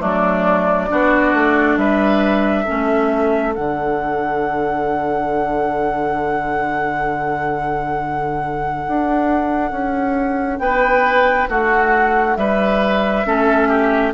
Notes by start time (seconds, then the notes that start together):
0.00 F#3 A3 D4 D5
0.89 B3 D4 F#4
1.34 A3
1.77 G3 B4 E5
2.65 A3 C#4 A4
3.54 D3 D4 F#5
8.88 D4
9.72 C#4
10.60 B3 B4 G5
11.49 A3 F#4 F#5
12.36 G3 B4 E5
13.26 A3 C#4 A4
13.69 G4